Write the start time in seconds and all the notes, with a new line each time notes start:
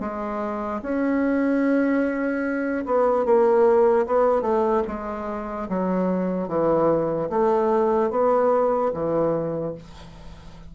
0.00 G#3
0.82 C#4
2.86 B3
3.25 A#3
4.06 B3
4.42 A3
4.87 G#3
5.69 F#3
6.48 E3
7.30 A3
8.10 B3
8.94 E3